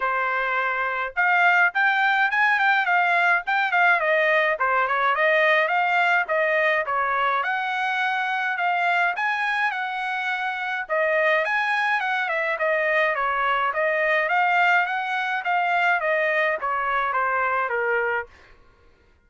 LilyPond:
\new Staff \with { instrumentName = "trumpet" } { \time 4/4 \tempo 4 = 105 c''2 f''4 g''4 | gis''8 g''8 f''4 g''8 f''8 dis''4 | c''8 cis''8 dis''4 f''4 dis''4 | cis''4 fis''2 f''4 |
gis''4 fis''2 dis''4 | gis''4 fis''8 e''8 dis''4 cis''4 | dis''4 f''4 fis''4 f''4 | dis''4 cis''4 c''4 ais'4 | }